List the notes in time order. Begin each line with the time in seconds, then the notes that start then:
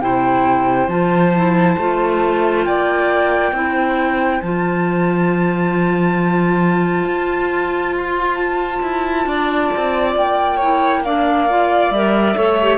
0.00 C3 E4 C5 G5
0.88 F3 F4 A5
1.36 E4
1.78 A3 F4
2.65 A#3 D5 G5
3.52 C4 E4 C5
4.41 F3 F4 A5
7.04 F4
7.97 C6
8.35 A5
8.82 E4
9.26 D4 D5
9.77 C4
10.16 A#3 G5
10.56 E4 C#5
11.04 D4 D5 F5
11.49 F4
11.90 G3 A#4 E5
12.36 A3 A4 C#5
12.62 G4